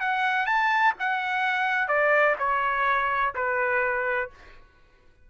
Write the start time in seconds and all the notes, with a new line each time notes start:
0.00 F#5
0.46 A5
0.99 F#5
1.88 D5
2.39 C#5
3.35 B4